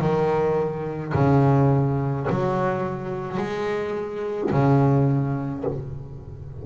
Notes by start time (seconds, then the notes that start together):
0.00 D#3
1.14 C#3
2.30 F#3
3.37 G#3
4.51 C#3